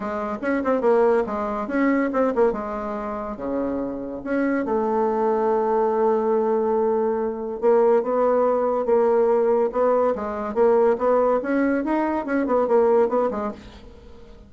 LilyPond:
\new Staff \with { instrumentName = "bassoon" } { \time 4/4 \tempo 4 = 142 gis4 cis'8 c'8 ais4 gis4 | cis'4 c'8 ais8 gis2 | cis2 cis'4 a4~ | a1~ |
a2 ais4 b4~ | b4 ais2 b4 | gis4 ais4 b4 cis'4 | dis'4 cis'8 b8 ais4 b8 gis8 | }